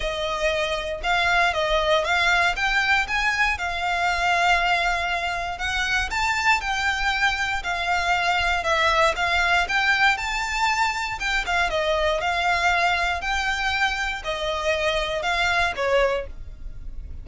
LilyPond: \new Staff \with { instrumentName = "violin" } { \time 4/4 \tempo 4 = 118 dis''2 f''4 dis''4 | f''4 g''4 gis''4 f''4~ | f''2. fis''4 | a''4 g''2 f''4~ |
f''4 e''4 f''4 g''4 | a''2 g''8 f''8 dis''4 | f''2 g''2 | dis''2 f''4 cis''4 | }